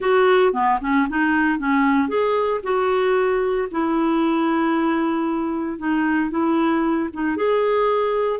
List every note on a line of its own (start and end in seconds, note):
0.00 0.53 F#4
0.53 0.79 B3
0.81 1.07 C#4
1.09 1.58 D#4
1.58 2.08 C#4
2.08 2.61 G#4
2.63 3.68 F#4
3.71 5.78 E4
5.78 6.30 D#4
6.30 7.09 E4
7.13 7.36 D#4
7.36 8.40 G#4